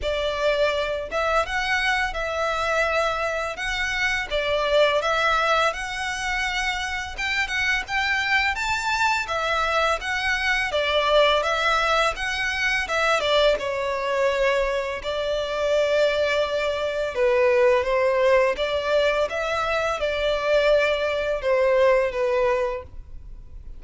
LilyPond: \new Staff \with { instrumentName = "violin" } { \time 4/4 \tempo 4 = 84 d''4. e''8 fis''4 e''4~ | e''4 fis''4 d''4 e''4 | fis''2 g''8 fis''8 g''4 | a''4 e''4 fis''4 d''4 |
e''4 fis''4 e''8 d''8 cis''4~ | cis''4 d''2. | b'4 c''4 d''4 e''4 | d''2 c''4 b'4 | }